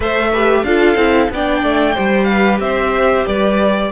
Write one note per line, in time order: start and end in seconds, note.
0.00 0.63 A3
0.00 0.29 A4
0.00 0.31 C5
0.00 0.63 E5
0.32 0.66 G4
0.32 0.64 B4
0.63 0.95 D4
0.63 0.97 F4
0.63 1.31 A4
0.63 1.29 F5
0.95 1.28 C4
0.95 1.30 E4
1.30 1.63 B3
1.30 1.95 D4
1.30 1.94 D5
1.30 2.24 G5
1.63 1.96 A3
1.94 2.59 G3
1.94 3.90 G4
1.94 2.27 C5
2.24 2.62 B4
2.24 2.56 F5
2.59 3.25 C4
2.59 3.27 C5
2.59 3.25 E5
3.26 3.92 G3
3.26 3.92 B4
3.26 3.91 D5